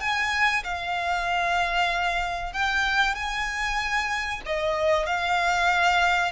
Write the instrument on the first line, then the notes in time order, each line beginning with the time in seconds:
violin
0.00 G#5
0.64 F5
2.53 G5
3.15 G#5
4.46 D#5
5.06 F5